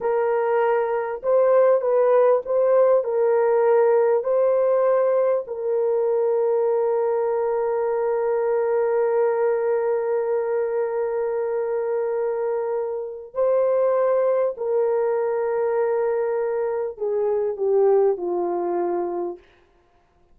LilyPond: \new Staff \with { instrumentName = "horn" } { \time 4/4 \tempo 4 = 99 ais'2 c''4 b'4 | c''4 ais'2 c''4~ | c''4 ais'2.~ | ais'1~ |
ais'1~ | ais'2 c''2 | ais'1 | gis'4 g'4 f'2 | }